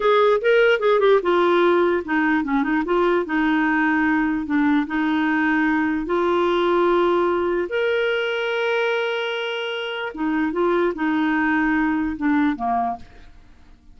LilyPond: \new Staff \with { instrumentName = "clarinet" } { \time 4/4 \tempo 4 = 148 gis'4 ais'4 gis'8 g'8 f'4~ | f'4 dis'4 cis'8 dis'8 f'4 | dis'2. d'4 | dis'2. f'4~ |
f'2. ais'4~ | ais'1~ | ais'4 dis'4 f'4 dis'4~ | dis'2 d'4 ais4 | }